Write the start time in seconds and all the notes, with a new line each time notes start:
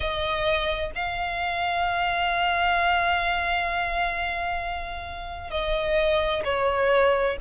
0.00 D#5
0.95 F5
5.50 D#5
6.44 C#5